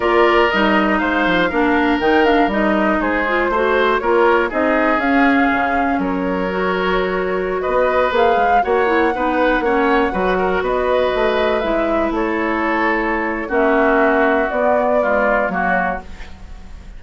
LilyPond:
<<
  \new Staff \with { instrumentName = "flute" } { \time 4/4 \tempo 4 = 120 d''4 dis''4 f''2 | g''8 f''8 dis''4 c''2 | cis''4 dis''4 f''2 | cis''2.~ cis''16 dis''8.~ |
dis''16 f''4 fis''2~ fis''8.~ | fis''4~ fis''16 dis''2 e''8.~ | e''16 cis''2~ cis''8. e''4~ | e''4 d''2 cis''4 | }
  \new Staff \with { instrumentName = "oboe" } { \time 4/4 ais'2 c''4 ais'4~ | ais'2 gis'4 c''4 | ais'4 gis'2. | ais'2.~ ais'16 b'8.~ |
b'4~ b'16 cis''4 b'4 cis''8.~ | cis''16 b'8 ais'8 b'2~ b'8.~ | b'16 a'2~ a'8. fis'4~ | fis'2 f'4 fis'4 | }
  \new Staff \with { instrumentName = "clarinet" } { \time 4/4 f'4 dis'2 d'4 | dis'8 d'8 dis'4. f'8 fis'4 | f'4 dis'4 cis'2~ | cis'4 fis'2.~ |
fis'16 gis'4 fis'8 e'8 dis'4 cis'8.~ | cis'16 fis'2. e'8.~ | e'2. cis'4~ | cis'4 b4 gis4 ais4 | }
  \new Staff \with { instrumentName = "bassoon" } { \time 4/4 ais4 g4 gis8 f8 ais4 | dis4 g4 gis4 a4 | ais4 c'4 cis'4 cis4 | fis2.~ fis16 b8.~ |
b16 ais8 gis8 ais4 b4 ais8.~ | ais16 fis4 b4 a4 gis8.~ | gis16 a2~ a8. ais4~ | ais4 b2 fis4 | }
>>